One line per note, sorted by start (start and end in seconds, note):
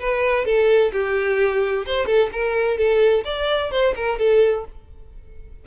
0.00 0.45 B4
0.45 0.92 A4
0.93 1.86 G4
1.86 2.07 C5
2.07 2.30 A4
2.33 2.78 A#4
2.78 3.25 A4
3.25 3.71 D5
3.72 3.95 C5
3.96 4.19 A#4
4.19 4.66 A4